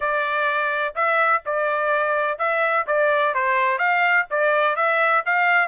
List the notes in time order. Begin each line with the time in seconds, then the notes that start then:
0.00 D5
0.95 E5
1.45 D5
2.38 E5
2.86 D5
3.34 C5
3.78 F5
4.30 D5
4.76 E5
5.25 F5